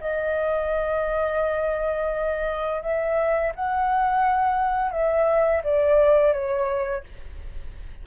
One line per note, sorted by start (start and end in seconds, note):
0.00 2.82 D#5
2.82 3.52 E5
3.55 4.91 F#5
4.91 5.62 E5
5.63 6.32 D5
6.32 7.03 C#5